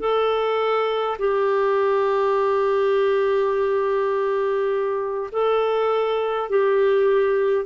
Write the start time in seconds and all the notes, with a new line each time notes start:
0.00 A4
1.19 G4
5.32 A4
6.50 G4